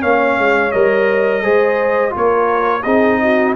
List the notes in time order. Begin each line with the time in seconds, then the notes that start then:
0.00 A#3 C#4 C#5 F5
0.38 G#3
0.71 G3 A#4 D#5
1.42 G#3 G#4 C5
2.10 A#3 F4 A#4
2.17 C#5
2.82 C4 D#4 G#4 D#5
3.22 F#4